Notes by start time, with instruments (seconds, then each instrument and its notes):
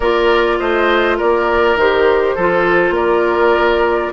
0.00 bassoon A#3, clarinet F4, oboe A#4, flute D5
0.58 bassoon A3, oboe C5, flute D#5
1.17 bassoon A#3, oboe A#4, flute D5
1.75 bassoon D#3, clarinet G4, flute C5
2.35 bassoon F3, clarinet F4, oboe A4
2.90 bassoon A#3, oboe A#4, flute D5